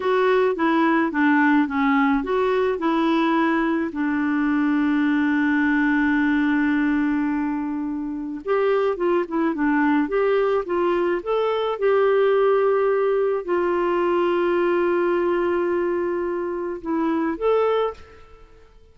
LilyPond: \new Staff \with { instrumentName = "clarinet" } { \time 4/4 \tempo 4 = 107 fis'4 e'4 d'4 cis'4 | fis'4 e'2 d'4~ | d'1~ | d'2. g'4 |
f'8 e'8 d'4 g'4 f'4 | a'4 g'2. | f'1~ | f'2 e'4 a'4 | }